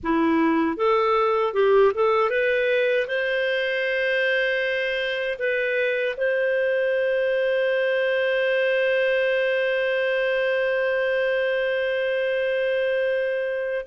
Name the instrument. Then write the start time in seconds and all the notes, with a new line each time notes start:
clarinet
0.03 E4
0.77 A4
1.53 G4
1.94 A4
2.30 B4
3.07 C5
5.38 B4
6.16 C5